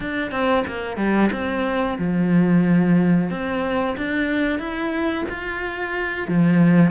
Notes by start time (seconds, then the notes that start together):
0.00 D4
0.31 C4
0.67 A#3
0.97 G3
1.32 C4
1.98 F3
3.30 C4
3.97 D4
4.59 E4
5.29 F4
6.28 F3